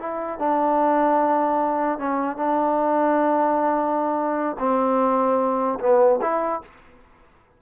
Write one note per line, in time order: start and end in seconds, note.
0.00 0.39 E4
0.39 1.99 D4
1.99 2.37 C#4
2.37 4.57 D4
4.60 5.80 C4
5.80 6.20 B3
6.22 6.62 E4